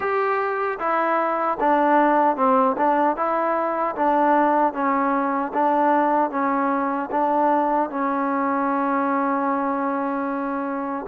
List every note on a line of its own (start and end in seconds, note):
0.00 0.78 G4
0.79 1.58 E4
1.60 2.36 D4
2.36 2.76 C4
2.77 3.16 D4
3.16 3.95 E4
3.95 4.73 D4
4.73 5.52 C#4
5.53 6.30 D4
6.30 7.09 C#4
7.11 7.89 D4
7.89 11.05 C#4